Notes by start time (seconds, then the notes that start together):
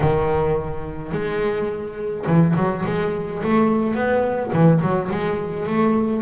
0.00 D#3
1.12 G#3
2.26 E3
2.56 F#3
2.85 G#3
3.43 A3
3.94 B3
4.53 E3
4.81 F#3
5.10 G#3
5.66 A3